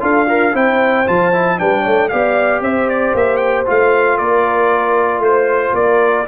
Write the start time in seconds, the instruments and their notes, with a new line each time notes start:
0.00 tuba D4, trombone F4, horn A4, trumpet F5
0.27 horn F4, trombone A#4
0.53 tuba C4, trombone E4, horn C5, trumpet G5
1.06 tuba F3, trombone F4, trumpet A5
1.33 trombone E4
1.58 tuba G3, trombone D4, horn B4, trumpet G5
1.81 tuba A3, horn C#5
2.09 tuba B3, trombone G4, horn D5, trumpet F5
2.61 tuba C4, horn C5, trumpet E5
2.89 trumpet D5
3.14 tuba A#3, trumpet E5
3.37 trumpet G5
3.66 tuba A3, trombone F4, trumpet F5
4.18 tuba A#3, horn A#4, trumpet D5
5.19 tuba A3, trumpet C5, horn C5
5.74 tuba A#3, horn A#4, trumpet D5